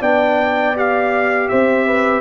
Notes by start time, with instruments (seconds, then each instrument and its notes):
0.00 tuba B3, trombone D4, horn D5, trumpet G5
0.76 trombone G4, trumpet F5
1.48 tuba C4, horn C5, trumpet E5
1.87 horn B4